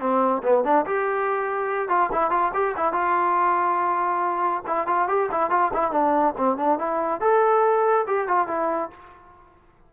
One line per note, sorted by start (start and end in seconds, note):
0.00 0.43 C4
0.43 0.64 B3
0.64 0.86 D4
0.86 1.89 G4
1.89 2.10 F4
2.12 2.31 E4
2.31 2.52 F4
2.54 2.75 G4
2.77 2.93 E4
2.93 4.63 F4
4.67 4.87 E4
4.87 5.08 F4
5.08 5.30 G4
5.32 5.50 E4
5.50 5.72 F4
5.73 5.92 E4
5.92 6.34 D4
6.38 6.57 C4
6.57 6.79 D4
6.79 7.21 E4
7.21 8.06 A4
8.07 8.28 G4
8.28 8.48 F4
8.48 8.90 E4